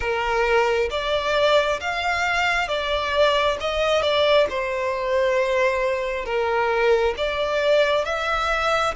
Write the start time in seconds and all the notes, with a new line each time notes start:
0.00 A#4
0.90 D5
1.80 F5
2.67 D5
3.60 D#5
4.02 D5
4.49 C5
6.24 A#4
7.17 D5
8.04 E5